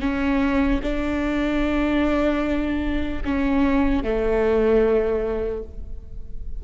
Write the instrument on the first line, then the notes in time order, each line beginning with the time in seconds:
viola
0.00 C#4
0.83 D4
3.24 C#4
4.03 A3